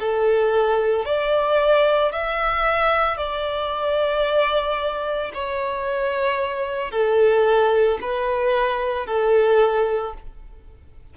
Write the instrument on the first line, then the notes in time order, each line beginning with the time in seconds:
violin
0.00 A4
1.05 D5
2.12 E5
3.17 D5
5.34 C#5
6.91 A4
8.01 B4
9.06 A4